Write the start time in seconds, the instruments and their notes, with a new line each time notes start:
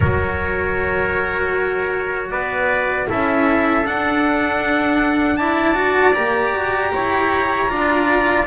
0.00 double bass F#3, cello F#4, trumpet A#4 C#5
2.30 double bass B3, trumpet B4 D5
3.07 double bass C#4, cello E4, trumpet A4 E5
3.84 double bass D4, cello D4, trumpet F#5
5.37 cello E4, trumpet D5 A5
5.74 cello F#4
6.13 double bass A#3, cello G4, trumpet A#5
6.53 double bass F#4
6.93 double bass E4, trumpet C#5
7.69 double bass D4, cello F4, trumpet D5